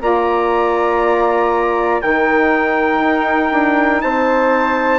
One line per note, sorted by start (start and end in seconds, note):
0.00 2.00 A#3
0.00 2.00 F4
0.00 2.01 D5
0.00 2.01 A#5
2.01 2.99 D#3
2.01 4.99 D#4
2.01 4.01 A#4
2.01 4.01 G5
2.99 3.49 D#4
3.52 4.02 D4
4.01 4.99 C4
4.01 4.99 C5
4.01 4.99 A5